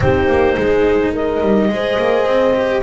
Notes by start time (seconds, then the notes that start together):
0.00 C4 D#4 G4 C5
0.27 A#3
0.56 G#3 G#4
1.12 A#4 D#5
1.41 G3
1.68 G#3 G#4 C5
1.98 A#3
2.25 C4
2.54 G4